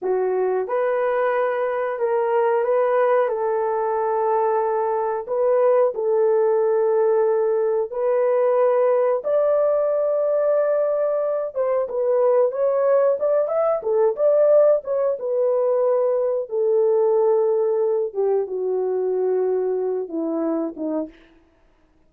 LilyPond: \new Staff \with { instrumentName = "horn" } { \time 4/4 \tempo 4 = 91 fis'4 b'2 ais'4 | b'4 a'2. | b'4 a'2. | b'2 d''2~ |
d''4. c''8 b'4 cis''4 | d''8 e''8 a'8 d''4 cis''8 b'4~ | b'4 a'2~ a'8 g'8 | fis'2~ fis'8 e'4 dis'8 | }